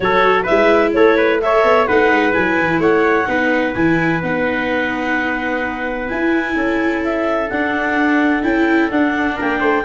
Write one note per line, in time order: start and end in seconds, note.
0.00 0.46 F#3
0.00 0.47 F#4
0.00 0.43 A4
0.00 0.45 C#5
0.43 1.41 E4
0.43 0.90 B4
0.43 0.92 E5
0.50 0.95 G#3
0.93 1.63 A3
0.93 1.17 A4
0.93 1.40 C#5
1.17 1.40 B4
1.40 1.88 A4
1.40 1.87 C#5
1.40 1.87 E5
1.63 1.87 B3
1.87 2.11 A3
1.87 2.31 D#4
1.87 2.80 B4
1.87 2.33 F#5
2.11 2.34 G#3
2.31 2.59 F#3
2.31 3.25 E4
2.31 2.80 G#5
2.59 2.78 E3
2.78 3.25 A3
2.78 3.27 C#5
2.78 3.74 F#5
3.26 3.75 B3
3.26 3.73 D#4
3.26 6.56 B4
3.74 4.22 E3
3.74 4.22 E4
3.74 4.21 G#5
4.22 6.10 B3
4.22 6.07 D#4
4.22 6.08 F#5
6.07 7.48 E4
6.07 6.55 E4
6.07 7.02 G#5
6.55 7.49 C#4
6.55 9.35 A4
7.03 7.49 E5
7.49 8.43 D4
7.49 8.43 F#5
8.43 8.90 C#4
8.43 8.89 E4
8.43 8.89 G5
8.90 9.38 D4
8.90 9.84 D4
8.90 9.37 F#5
9.35 9.60 A#3
9.35 9.58 A#4
9.35 9.84 G5
9.59 9.83 A3
9.59 9.83 C5